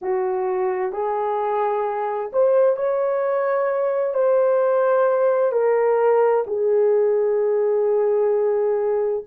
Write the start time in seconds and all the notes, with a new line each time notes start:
0.01 F#4
0.92 G#4
2.32 C5
2.76 C#5
4.14 C5
5.51 A#4
6.47 G#4